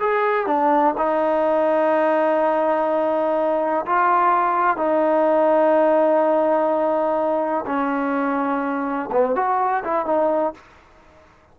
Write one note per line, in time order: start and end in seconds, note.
0.00 0.47 G#4
0.47 0.95 D4
0.98 3.86 D#4
3.86 4.77 F4
4.77 7.65 D#4
7.66 9.10 C#4
9.12 9.36 B3
9.36 9.84 F#4
9.84 10.06 E4
10.06 10.54 D#4